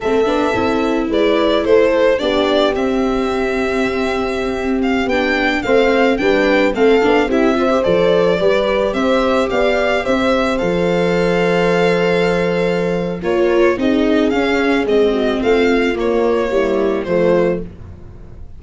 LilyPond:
<<
  \new Staff \with { instrumentName = "violin" } { \time 4/4 \tempo 4 = 109 e''2 d''4 c''4 | d''4 e''2.~ | e''8. f''8 g''4 f''4 g''8.~ | g''16 f''4 e''4 d''4.~ d''16~ |
d''16 e''4 f''4 e''4 f''8.~ | f''1 | cis''4 dis''4 f''4 dis''4 | f''4 cis''2 c''4 | }
  \new Staff \with { instrumentName = "horn" } { \time 4/4 a'2 b'4 a'4 | g'1~ | g'2~ g'16 c''4 b'8.~ | b'16 a'4 g'8 c''4. b'8.~ |
b'16 c''4 d''4 c''4.~ c''16~ | c''1 | ais'4 gis'2~ gis'8 fis'8 | f'2 e'4 f'4 | }
  \new Staff \with { instrumentName = "viola" } { \time 4/4 c'8 d'8 e'2. | d'4 c'2.~ | c'4~ c'16 d'4 c'4 d'8.~ | d'16 c'8 d'8 e'8 f'16 g'16 a'4 g'8.~ |
g'2.~ g'16 a'8.~ | a'1 | f'4 dis'4 cis'4 c'4~ | c'4 ais4 g4 a4 | }
  \new Staff \with { instrumentName = "tuba" } { \time 4/4 a8 b8 c'4 gis4 a4 | b4 c'2.~ | c'4~ c'16 b4 a4 g8.~ | g16 a8 b8 c'4 f4 g8.~ |
g16 c'4 b4 c'4 f8.~ | f1 | ais4 c'4 cis'4 gis4 | a4 ais2 f4 | }
>>